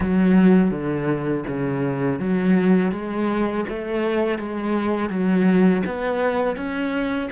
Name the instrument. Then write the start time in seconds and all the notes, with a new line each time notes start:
cello
0.00 F#3
0.71 D3
1.47 C#3
2.19 F#3
2.91 G#3
3.69 A3
4.38 G#3
5.09 F#3
5.85 B3
6.56 C#4